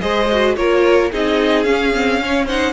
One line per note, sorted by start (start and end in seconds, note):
0.00 0.56 G#3
0.00 0.27 G#4
0.00 0.56 C5
0.00 0.55 D#5
0.31 0.56 F#4
0.56 1.11 A#3
0.56 1.11 F4
0.56 1.11 A#4
0.56 1.10 C#5
1.11 1.65 C4
1.11 1.65 D#4
1.11 2.20 G#4
1.11 1.63 D#5
1.63 1.92 C#4
1.63 2.72 C#4
1.63 2.45 F5
1.94 2.20 C4
2.20 2.48 C#4
2.20 2.46 C#5
2.46 2.72 D#4
2.46 2.72 C5
2.46 2.72 F#5